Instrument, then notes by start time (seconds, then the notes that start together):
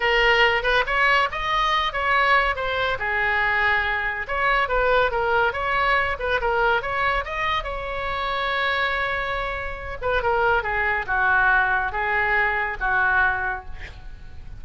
oboe
0.00 A#4
0.62 B4
0.86 C#5
1.31 D#5
1.92 C#5
2.55 C5
2.99 G#4
4.27 C#5
4.68 B4
5.11 A#4
5.53 C#5
6.19 B4
6.40 A#4
6.81 C#5
7.24 D#5
7.63 C#5
10.01 B4
10.22 A#4
10.62 G#4
11.06 F#4
11.91 G#4
12.79 F#4